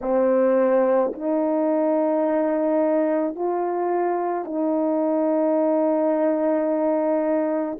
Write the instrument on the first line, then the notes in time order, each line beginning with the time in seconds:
horn
0.01 C4
1.13 D#4
3.35 F4
4.44 D#4